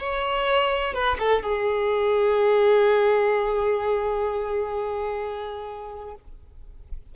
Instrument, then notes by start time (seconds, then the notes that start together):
violin
0.00 C#5
0.94 B4
1.19 A4
1.43 G#4